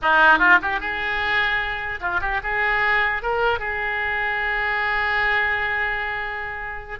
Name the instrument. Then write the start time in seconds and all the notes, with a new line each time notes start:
oboe
0.01 D#4
0.39 F4
0.62 G4
0.79 G#4
2.00 F4
2.20 G4
2.43 G#4
3.22 A#4
3.59 G#4